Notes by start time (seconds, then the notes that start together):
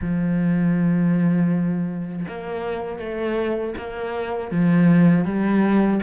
0.01 F3
2.28 A#3
2.99 A3
3.77 A#3
4.51 F3
5.25 G3